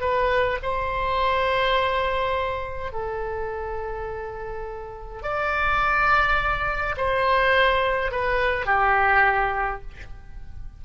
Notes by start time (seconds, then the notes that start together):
0.00 B4
0.62 C5
2.92 A4
5.22 D5
6.97 C5
8.11 B4
8.65 G4